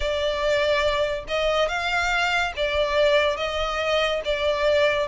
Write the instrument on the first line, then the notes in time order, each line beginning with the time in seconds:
violin
0.00 D5
1.28 D#5
1.68 F5
2.56 D5
3.36 D#5
4.24 D5